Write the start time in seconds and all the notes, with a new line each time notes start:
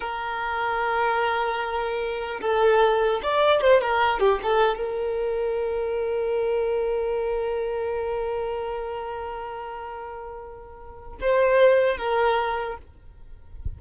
0.00 A#4
2.41 A4
3.22 D5
3.61 C5
3.81 A#4
4.19 G4
4.43 A4
4.77 A#4
11.20 C5
11.97 A#4